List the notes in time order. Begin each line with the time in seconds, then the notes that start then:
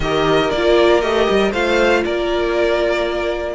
0.00 D#3 G4 A#4 D#5
0.50 A#3 F4 D5
1.01 A3 G4 D#5
1.29 G3
1.51 A3 F4 C5 F5
2.05 A#3 A#4 D5